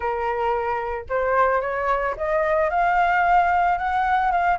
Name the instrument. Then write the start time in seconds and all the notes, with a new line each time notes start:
flute
0.00 A#4
1.09 C5
1.61 C#5
2.16 D#5
2.70 F5
3.78 F#5
4.31 F5